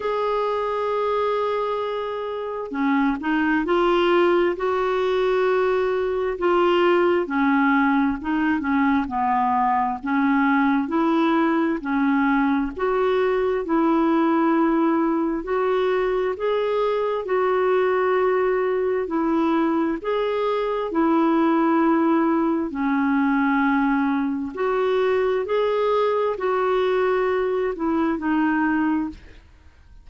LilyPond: \new Staff \with { instrumentName = "clarinet" } { \time 4/4 \tempo 4 = 66 gis'2. cis'8 dis'8 | f'4 fis'2 f'4 | cis'4 dis'8 cis'8 b4 cis'4 | e'4 cis'4 fis'4 e'4~ |
e'4 fis'4 gis'4 fis'4~ | fis'4 e'4 gis'4 e'4~ | e'4 cis'2 fis'4 | gis'4 fis'4. e'8 dis'4 | }